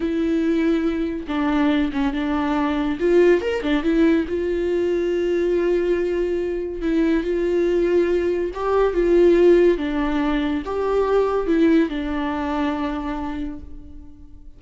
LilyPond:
\new Staff \with { instrumentName = "viola" } { \time 4/4 \tempo 4 = 141 e'2. d'4~ | d'8 cis'8 d'2 f'4 | ais'8 d'8 e'4 f'2~ | f'1 |
e'4 f'2. | g'4 f'2 d'4~ | d'4 g'2 e'4 | d'1 | }